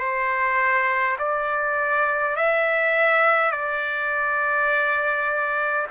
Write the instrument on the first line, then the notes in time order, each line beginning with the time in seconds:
trumpet
0.00 C5
1.19 D5
2.36 E5
3.52 D5